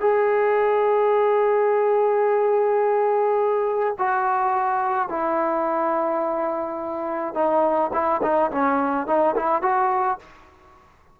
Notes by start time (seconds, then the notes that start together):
0.00 G#4
3.98 F#4
5.09 E4
7.34 D#4
7.93 E4
8.22 D#4
8.51 C#4
9.07 D#4
9.36 E4
9.62 F#4